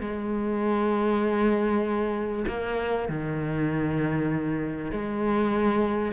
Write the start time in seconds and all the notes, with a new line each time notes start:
0.00 G#3
2.47 A#3
3.08 D#3
4.91 G#3